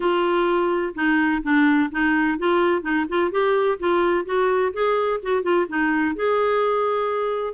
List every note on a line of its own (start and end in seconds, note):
0.00 0.93 F4
0.94 1.42 D#4
1.42 1.90 D4
1.91 2.38 D#4
2.38 2.82 F4
2.82 3.05 D#4
3.08 3.31 F4
3.31 3.78 G4
3.79 4.25 F4
4.25 4.72 F#4
4.73 5.20 G#4
5.22 5.42 F#4
5.42 5.66 F4
5.68 6.15 D#4
6.15 7.54 G#4